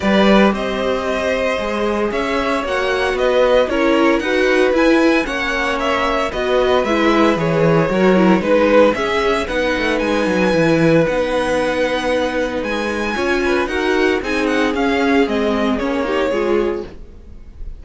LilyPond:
<<
  \new Staff \with { instrumentName = "violin" } { \time 4/4 \tempo 4 = 114 d''4 dis''2. | e''4 fis''4 dis''4 cis''4 | fis''4 gis''4 fis''4 e''4 | dis''4 e''4 cis''2 |
b'4 e''4 fis''4 gis''4~ | gis''4 fis''2. | gis''2 fis''4 gis''8 fis''8 | f''4 dis''4 cis''2 | }
  \new Staff \with { instrumentName = "violin" } { \time 4/4 b'4 c''2. | cis''2 b'4 ais'4 | b'2 cis''2 | b'2. ais'4 |
b'4 gis'4 b'2~ | b'1~ | b'4 cis''8 b'8 ais'4 gis'4~ | gis'2~ gis'8 g'8 gis'4 | }
  \new Staff \with { instrumentName = "viola" } { \time 4/4 g'2. gis'4~ | gis'4 fis'2 e'4 | fis'4 e'4 cis'2 | fis'4 e'4 gis'4 fis'8 e'8 |
dis'4 cis'4 dis'2 | e'4 dis'2.~ | dis'4 f'4 fis'4 dis'4 | cis'4 c'4 cis'8 dis'8 f'4 | }
  \new Staff \with { instrumentName = "cello" } { \time 4/4 g4 c'2 gis4 | cis'4 ais4 b4 cis'4 | dis'4 e'4 ais2 | b4 gis4 e4 fis4 |
gis4 cis'4 b8 a8 gis8 fis8 | e4 b2. | gis4 cis'4 dis'4 c'4 | cis'4 gis4 ais4 gis4 | }
>>